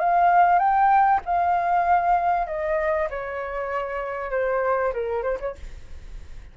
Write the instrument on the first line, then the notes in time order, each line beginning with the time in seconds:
flute
0.00 F5
0.59 G5
1.25 F5
2.47 D#5
3.10 C#5
4.31 C5
4.94 A#4
5.23 C5
5.40 C#5